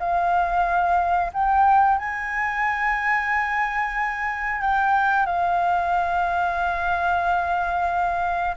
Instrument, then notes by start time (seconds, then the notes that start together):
flute
0.00 F5
1.33 G5
1.98 G#5
4.62 G5
5.26 F5